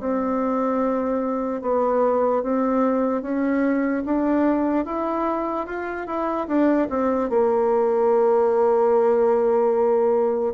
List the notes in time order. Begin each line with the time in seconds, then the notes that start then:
0.00 C4
1.62 B3
2.43 C4
3.22 C#4
4.05 D4
4.85 E4
5.66 F4
6.07 E4
6.48 D4
6.90 C4
7.30 A#3